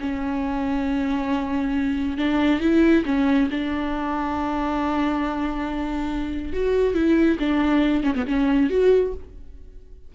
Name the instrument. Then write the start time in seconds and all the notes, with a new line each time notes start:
viola
0.00 C#4
2.17 D4
2.60 E4
3.06 C#4
3.51 D4
6.53 F#4
6.94 E4
7.39 D4
8.03 C#4
8.15 B3
8.27 C#4
8.70 F#4